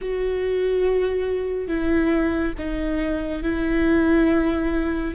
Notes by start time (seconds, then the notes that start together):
0.01 F#4
1.67 E4
2.58 D#4
3.42 E4